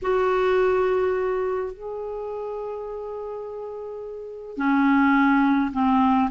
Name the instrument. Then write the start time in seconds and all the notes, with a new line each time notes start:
clarinet
0.02 F#4
1.73 G#4
4.57 C#4
5.72 C4